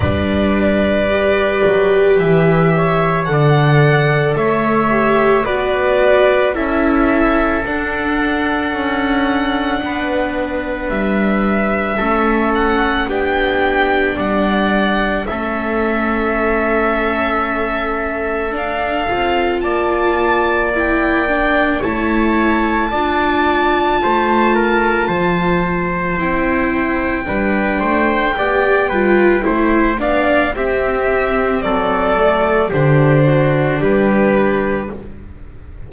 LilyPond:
<<
  \new Staff \with { instrumentName = "violin" } { \time 4/4 \tempo 4 = 55 d''2 e''4 fis''4 | e''4 d''4 e''4 fis''4~ | fis''2 e''4. fis''8 | g''4 fis''4 e''2~ |
e''4 f''4 a''4 g''4 | a''1 | g''2.~ g''8 f''8 | e''4 d''4 c''4 b'4 | }
  \new Staff \with { instrumentName = "trumpet" } { \time 4/4 b'2~ b'8 cis''8 d''4 | cis''4 b'4 a'2~ | a'4 b'2 a'4 | g'4 d''4 a'2~ |
a'2 d''2 | cis''4 d''4 c''8 ais'8 c''4~ | c''4 b'8 c''8 d''8 b'8 c''8 d''8 | g'4 a'4 g'8 fis'8 g'4 | }
  \new Staff \with { instrumentName = "viola" } { \time 4/4 d'4 g'2 a'4~ | a'8 g'8 fis'4 e'4 d'4~ | d'2. cis'4 | d'2 cis'2~ |
cis'4 d'8 f'4. e'8 d'8 | e'4 f'2. | e'4 d'4 g'8 f'8 e'8 d'8 | c'4. a8 d'2 | }
  \new Staff \with { instrumentName = "double bass" } { \time 4/4 g4. fis8 e4 d4 | a4 b4 cis'4 d'4 | cis'4 b4 g4 a4 | b4 g4 a2~ |
a4 d'8 c'8 ais2 | a4 d'4 a4 f4 | c'4 g8 a8 b8 g8 a8 b8 | c'4 fis4 d4 g4 | }
>>